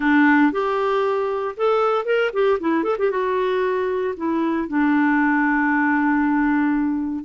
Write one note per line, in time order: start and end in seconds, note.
0.00 0.51 D4
0.51 1.55 G4
1.57 2.05 A4
2.05 2.30 A#4
2.33 2.59 G4
2.60 2.83 E4
2.83 2.96 A4
2.98 3.11 G4
3.11 4.14 F#4
4.17 4.68 E4
4.68 7.24 D4